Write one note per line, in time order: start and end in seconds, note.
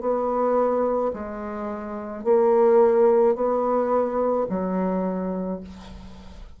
0.00 1.11 B3
1.13 2.24 G#3
2.24 3.35 A#3
3.35 4.46 B3
4.49 5.60 F#3